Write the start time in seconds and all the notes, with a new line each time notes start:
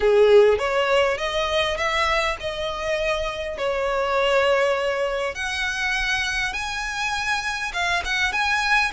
0.00 G#4
0.58 C#5
1.17 D#5
1.77 E5
2.40 D#5
3.57 C#5
5.34 F#5
6.53 G#5
7.73 F5
8.04 F#5
8.32 G#5